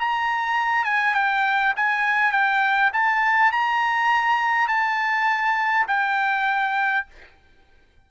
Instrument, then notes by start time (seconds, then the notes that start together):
trumpet
0.00 A#5
0.85 G#5
1.15 G5
1.77 G#5
2.32 G5
2.94 A5
3.52 A#5
4.68 A5
5.88 G5